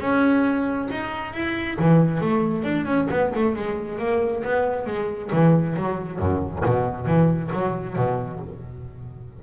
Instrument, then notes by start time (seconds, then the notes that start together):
double bass
0.00 C#4
0.91 D#4
1.33 E4
1.78 E3
2.20 A3
2.63 D4
2.85 C#4
3.10 B3
3.35 A3
3.55 G#3
3.98 A#3
4.43 B3
4.86 G#3
5.32 E3
5.76 F#3
6.19 F#2
6.65 B2
7.06 E3
7.52 F#3
7.96 B2